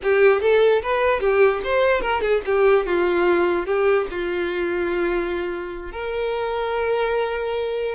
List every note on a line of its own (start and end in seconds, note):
0.02 0.41 G4
0.41 0.82 A4
0.82 1.20 B4
1.20 1.61 G4
1.64 2.01 C5
2.01 2.21 A#4
2.21 2.41 G#4
2.45 2.86 G4
2.86 3.65 F4
3.65 4.06 G4
4.10 5.91 F4
5.91 7.95 A#4